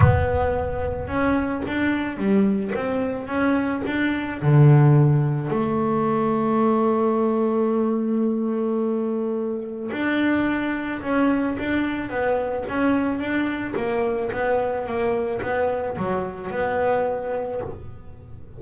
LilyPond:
\new Staff \with { instrumentName = "double bass" } { \time 4/4 \tempo 4 = 109 b2 cis'4 d'4 | g4 c'4 cis'4 d'4 | d2 a2~ | a1~ |
a2 d'2 | cis'4 d'4 b4 cis'4 | d'4 ais4 b4 ais4 | b4 fis4 b2 | }